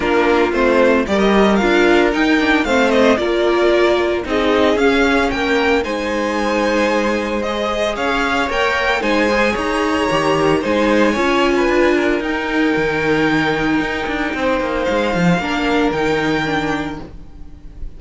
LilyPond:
<<
  \new Staff \with { instrumentName = "violin" } { \time 4/4 \tempo 4 = 113 ais'4 c''4 d''16 dis''8. f''4 | g''4 f''8 dis''8 d''2 | dis''4 f''4 g''4 gis''4~ | gis''2 dis''4 f''4 |
g''4 gis''4 ais''2 | gis''2. g''4~ | g''1 | f''2 g''2 | }
  \new Staff \with { instrumentName = "violin" } { \time 4/4 f'2 ais'2~ | ais'4 c''4 ais'2 | gis'2 ais'4 c''4~ | c''2. cis''4~ |
cis''4 c''4 cis''2 | c''4 cis''8. b'8. ais'4.~ | ais'2. c''4~ | c''4 ais'2. | }
  \new Staff \with { instrumentName = "viola" } { \time 4/4 d'4 c'4 g'4 f'4 | dis'8 d'8 c'4 f'2 | dis'4 cis'2 dis'4~ | dis'2 gis'2 |
ais'4 dis'8 gis'4. g'4 | dis'4 f'2 dis'4~ | dis'1~ | dis'4 d'4 dis'4 d'4 | }
  \new Staff \with { instrumentName = "cello" } { \time 4/4 ais4 a4 g4 d'4 | dis'4 a4 ais2 | c'4 cis'4 ais4 gis4~ | gis2. cis'4 |
ais4 gis4 dis'4 dis4 | gis4 cis'4 d'4 dis'4 | dis2 dis'8 d'8 c'8 ais8 | gis8 f8 ais4 dis2 | }
>>